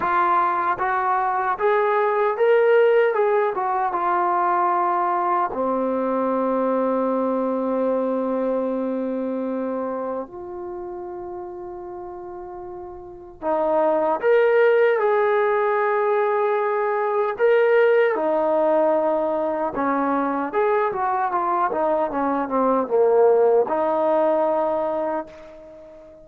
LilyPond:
\new Staff \with { instrumentName = "trombone" } { \time 4/4 \tempo 4 = 76 f'4 fis'4 gis'4 ais'4 | gis'8 fis'8 f'2 c'4~ | c'1~ | c'4 f'2.~ |
f'4 dis'4 ais'4 gis'4~ | gis'2 ais'4 dis'4~ | dis'4 cis'4 gis'8 fis'8 f'8 dis'8 | cis'8 c'8 ais4 dis'2 | }